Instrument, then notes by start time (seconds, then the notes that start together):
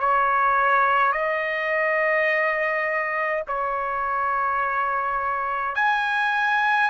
trumpet
0.00 C#5
1.12 D#5
3.47 C#5
5.75 G#5